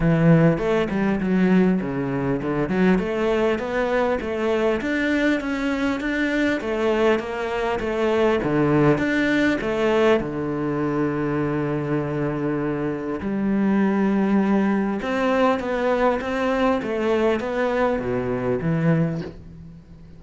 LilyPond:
\new Staff \with { instrumentName = "cello" } { \time 4/4 \tempo 4 = 100 e4 a8 g8 fis4 cis4 | d8 fis8 a4 b4 a4 | d'4 cis'4 d'4 a4 | ais4 a4 d4 d'4 |
a4 d2.~ | d2 g2~ | g4 c'4 b4 c'4 | a4 b4 b,4 e4 | }